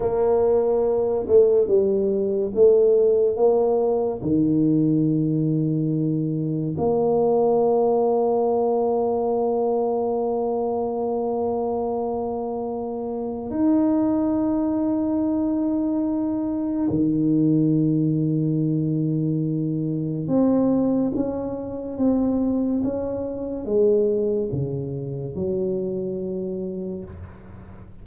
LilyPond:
\new Staff \with { instrumentName = "tuba" } { \time 4/4 \tempo 4 = 71 ais4. a8 g4 a4 | ais4 dis2. | ais1~ | ais1 |
dis'1 | dis1 | c'4 cis'4 c'4 cis'4 | gis4 cis4 fis2 | }